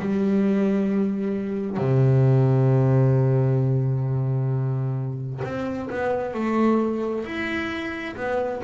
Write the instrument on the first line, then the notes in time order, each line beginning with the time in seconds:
double bass
0.00 G3
1.78 C3
5.44 C4
5.90 B3
6.34 A3
7.25 E4
8.17 B3